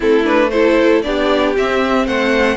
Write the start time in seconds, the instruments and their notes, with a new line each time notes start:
0.00 cello A3, viola C4, violin E4 A4
0.23 viola D4, violin B4
0.49 viola E4, violin A4 C5
1.02 cello B3, viola D4, violin G4 D5
1.56 viola C4, cello C4, violin E5
2.06 cello A3, violin C5 F#5